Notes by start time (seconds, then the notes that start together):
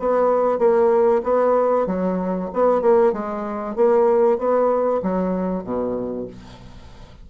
0.00 B3
0.59 A#3
1.24 B3
1.87 F#3
2.54 B3
2.82 A#3
3.13 G#3
3.76 A#3
4.39 B3
5.03 F#3
5.64 B2